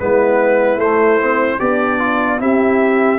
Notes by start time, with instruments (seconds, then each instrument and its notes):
0.00 tuba G#3, trombone B3, horn E4, trumpet B4
0.77 tuba A3, trombone A3, trumpet C5
1.21 trombone C4
1.60 tuba B3, horn D4, trombone G4, trumpet D5
1.99 trombone F4
2.39 tuba C4, trombone E4, horn G4, trumpet E5